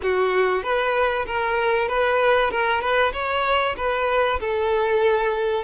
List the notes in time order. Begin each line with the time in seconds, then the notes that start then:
0.02 F#4
0.63 B4
1.26 A#4
1.88 B4
2.50 A#4
2.81 B4
3.12 C#5
3.77 B4
4.39 A4